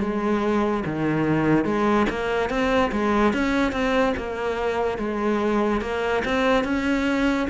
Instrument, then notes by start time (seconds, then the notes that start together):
cello
0.00 G#3
0.86 D#3
1.64 G#3
2.09 A#3
2.49 C4
2.92 G#3
3.33 C#4
3.72 C4
4.17 A#3
4.98 G#3
5.81 A#3
6.25 C4
6.64 C#4